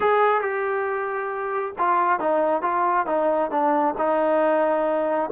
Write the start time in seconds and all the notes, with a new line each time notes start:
0.00 G#4
0.41 G4
1.78 F4
2.19 D#4
2.62 F4
3.06 D#4
3.50 D4
3.98 D#4